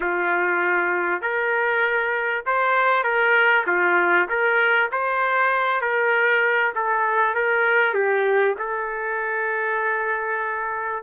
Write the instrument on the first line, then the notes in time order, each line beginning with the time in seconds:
trumpet
0.00 F4
1.21 A#4
2.46 C5
3.03 A#4
3.67 F4
4.29 A#4
4.91 C5
5.81 A#4
6.75 A4
7.34 A#4
7.94 G4
8.58 A4